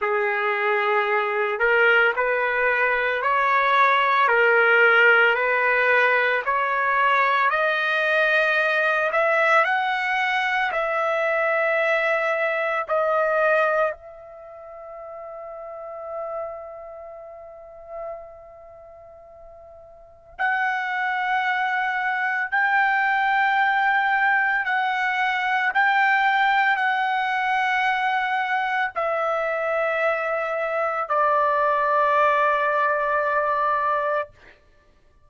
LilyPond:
\new Staff \with { instrumentName = "trumpet" } { \time 4/4 \tempo 4 = 56 gis'4. ais'8 b'4 cis''4 | ais'4 b'4 cis''4 dis''4~ | dis''8 e''8 fis''4 e''2 | dis''4 e''2.~ |
e''2. fis''4~ | fis''4 g''2 fis''4 | g''4 fis''2 e''4~ | e''4 d''2. | }